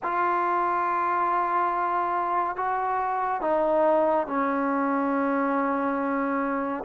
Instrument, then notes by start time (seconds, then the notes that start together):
trombone
0.02 F4
2.56 F#4
3.41 D#4
4.26 C#4